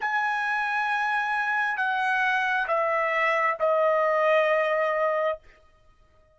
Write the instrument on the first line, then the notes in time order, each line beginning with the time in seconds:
trumpet
0.00 G#5
1.77 F#5
2.67 E5
3.59 D#5